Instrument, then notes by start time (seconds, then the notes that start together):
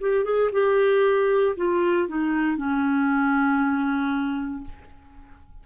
clarinet
0.00 G4
0.24 G#4
0.52 G4
1.56 F4
2.08 D#4
2.57 C#4